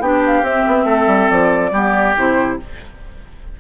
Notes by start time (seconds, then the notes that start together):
0.00 B3 D4 G4 G5
0.26 F5
0.42 C4 E5
0.67 B3
0.85 A3 A4
1.07 G3
1.30 F3 D5
1.72 G3 B3 G4
2.17 C3 E4 C5